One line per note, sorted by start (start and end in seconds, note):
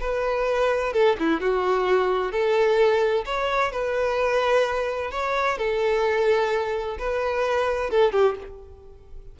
0.00 0.93 B4
0.93 1.16 A4
1.19 1.41 E4
1.41 2.32 F#4
2.32 3.25 A4
3.25 3.72 C#5
3.72 5.11 B4
5.11 5.58 C#5
5.58 6.97 A4
6.99 7.90 B4
7.90 8.12 A4
8.12 8.35 G4